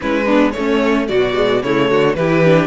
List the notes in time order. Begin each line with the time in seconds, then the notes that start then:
0.00 G#3 C#4 E4 B4
0.25 B3 D4
0.51 A3 C#5
0.58 A3 C#4
1.08 B2 F#3 F#4 D5
1.33 G#3
1.62 C#3 A3 E4 C#5
1.89 D3 F#4
2.14 E3 E4 G4 B4
2.44 D4